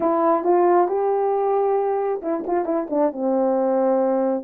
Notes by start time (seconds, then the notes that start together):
0.00 E4
0.43 F4
0.87 G4
2.22 E4
2.46 F4
2.65 E4
2.90 D4
3.12 C4